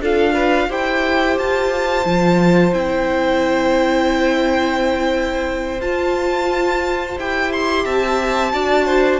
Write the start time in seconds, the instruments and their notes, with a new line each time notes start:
0.00 cello D4, viola F4, violin A4 F5
0.34 violin B4
0.69 cello E4, viola G4, violin C5 G5
1.38 cello F4, violin A5
2.05 cello F3, viola F4
2.73 cello C4, viola E4, violin G5
5.80 cello F4, viola F4, violin A5
7.17 cello E4, viola G4, violin G5
7.52 violin C6
7.84 cello C4, violin E5 A5
8.51 cello D4, viola F#4, violin D5
8.85 violin C5